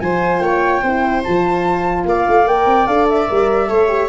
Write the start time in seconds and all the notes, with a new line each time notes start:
0.00 F3 F4 C5 G#5
0.40 A#3 C#5 G5
0.82 C4 E4 C5
1.23 F3 F4 A5
2.05 A#3 D5 F5
2.28 A3
2.47 A#3 A#4 G5
2.66 C4
2.87 D4 A4 F5
3.09 E5
3.28 G3 A#4
3.68 A3 A4 C#5
3.88 G4